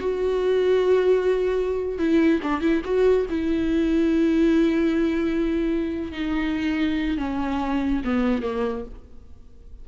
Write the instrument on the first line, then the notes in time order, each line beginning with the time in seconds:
viola
0.00 F#4
1.98 E4
2.43 D4
2.61 E4
2.84 F#4
3.30 E4
6.12 D#4
7.17 C#4
8.04 B3
8.42 A#3